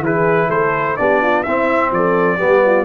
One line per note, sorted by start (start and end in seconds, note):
0.00 0.47 E3
0.00 0.98 E4
0.00 0.47 G#4
0.00 0.50 B4
0.47 0.96 A3
0.47 0.94 A4
0.47 0.96 C5
0.96 1.46 B3
0.96 1.45 D4
0.96 1.22 G4
0.96 1.43 D5
1.22 1.44 F4
1.43 1.91 C4
1.43 2.38 C4
1.43 1.91 E4
1.43 1.90 E5
1.91 2.38 F3
1.91 2.37 A4
1.91 2.84 D5
2.37 2.84 G3
2.37 2.84 B3
2.37 2.61 G4
2.65 2.84 F4